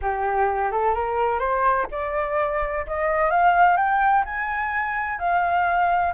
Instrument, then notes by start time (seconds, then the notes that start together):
flute
0.01 G4
0.71 A4
0.94 A#4
1.39 C5
1.91 D5
2.86 D#5
3.30 F5
3.77 G5
4.25 G#5
5.18 F5